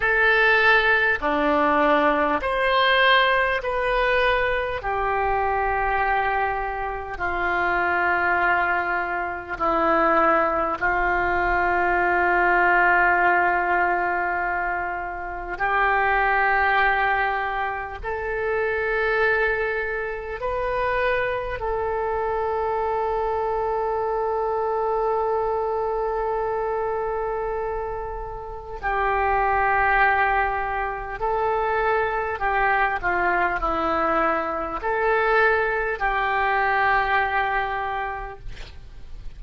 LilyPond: \new Staff \with { instrumentName = "oboe" } { \time 4/4 \tempo 4 = 50 a'4 d'4 c''4 b'4 | g'2 f'2 | e'4 f'2.~ | f'4 g'2 a'4~ |
a'4 b'4 a'2~ | a'1 | g'2 a'4 g'8 f'8 | e'4 a'4 g'2 | }